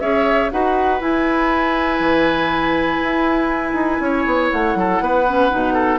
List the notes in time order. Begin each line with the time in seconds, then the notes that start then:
0.00 C#4 G#4 C#5 E5
0.51 D#4 F#4 B4 F#5
1.00 E4 G#5
1.99 E3
3.03 E4
3.73 D#4
4.00 C#4 C#5
4.26 B3
4.51 A3 F#5
4.75 F#3 A4
5.01 B3 B4
5.27 C#4
5.50 B2 D#4
5.74 A4